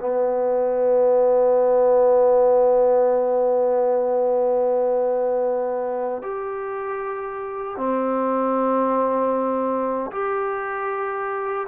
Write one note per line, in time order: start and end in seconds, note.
0.00 6.22 B3
6.22 7.77 G4
7.77 10.11 C4
10.11 11.67 G4